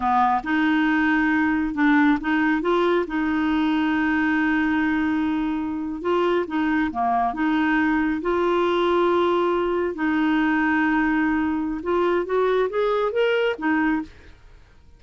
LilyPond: \new Staff \with { instrumentName = "clarinet" } { \time 4/4 \tempo 4 = 137 b4 dis'2. | d'4 dis'4 f'4 dis'4~ | dis'1~ | dis'4.~ dis'16 f'4 dis'4 ais16~ |
ais8. dis'2 f'4~ f'16~ | f'2~ f'8. dis'4~ dis'16~ | dis'2. f'4 | fis'4 gis'4 ais'4 dis'4 | }